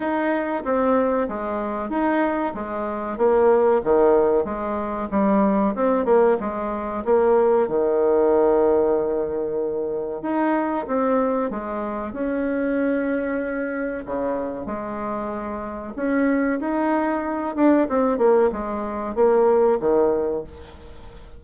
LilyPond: \new Staff \with { instrumentName = "bassoon" } { \time 4/4 \tempo 4 = 94 dis'4 c'4 gis4 dis'4 | gis4 ais4 dis4 gis4 | g4 c'8 ais8 gis4 ais4 | dis1 |
dis'4 c'4 gis4 cis'4~ | cis'2 cis4 gis4~ | gis4 cis'4 dis'4. d'8 | c'8 ais8 gis4 ais4 dis4 | }